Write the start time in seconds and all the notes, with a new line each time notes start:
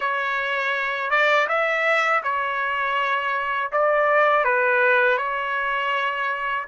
0.00 C#5
1.10 D5
1.48 E5
2.23 C#5
3.72 D5
4.44 B4
5.17 C#5